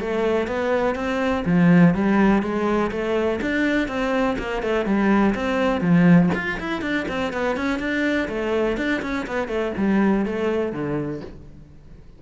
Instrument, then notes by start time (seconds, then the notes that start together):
cello
0.00 A3
0.47 B3
0.95 C4
1.45 F3
1.94 G3
2.42 G#3
2.91 A3
3.41 D4
3.88 C4
4.38 A#3
4.62 A3
4.86 G3
5.35 C4
5.81 F3
6.35 F4
6.59 E4
6.82 D4
7.08 C4
7.33 B3
7.57 C#4
7.79 D4
8.28 A3
8.77 D4
9.02 C#4
9.27 B3
9.48 A3
9.77 G3
10.26 A3
10.72 D3